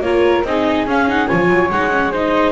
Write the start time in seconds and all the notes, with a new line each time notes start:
0.00 A#3 F4 A#4 C#5
0.43 C4 D#4 G#4 D#5
0.86 C#4 F5
1.07 D#4 F#5
1.27 F3 F4 C#5 G#5
1.49 F#3
1.70 G#3 D#4 F#5
1.90 C#4
2.11 D#4 C5 D#5